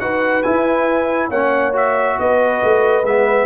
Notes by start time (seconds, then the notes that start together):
0.00 D#4 F#4 B4 F#5
0.43 E4 G#5
1.30 A#3 C#4 C#5 F#5
1.74 F#4 E5
2.19 B3 B4 D#5
2.64 A3
3.04 G#3 B3 E5